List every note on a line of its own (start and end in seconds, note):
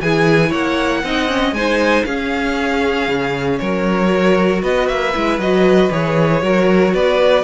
0.00 0.51 E3
0.00 1.04 E4
0.00 0.49 G#4
0.00 0.51 G#5
0.49 1.03 A#3
0.49 1.00 C#5
0.49 1.53 F#5
1.03 1.52 C4
1.03 1.28 D#4
1.03 1.55 D#5
1.28 1.53 C#4
1.52 2.03 G#3
1.52 2.05 D#4
1.52 2.05 C5
1.52 2.04 G#5
2.04 3.07 C#4
2.04 4.06 C#4
2.04 3.59 G#4
2.04 3.58 F5
3.07 3.58 C#3
3.58 4.62 F#3
3.58 4.62 A#4
3.58 4.61 C#5
4.06 5.09 F#4
4.62 4.88 B3
4.62 6.41 B4
4.62 4.87 D#5
4.87 5.13 A#3
4.87 5.39 E5
5.14 5.38 G#3
5.14 5.40 E4
5.38 5.89 F#3
5.38 5.90 F#4
5.38 5.91 D#5
5.90 6.42 E3
5.90 6.42 G#4
5.90 6.94 C#5
6.42 6.93 F#3
6.42 7.43 F#4
6.42 6.93 A#4
6.93 7.43 B3
6.93 7.43 B4
6.93 7.43 D5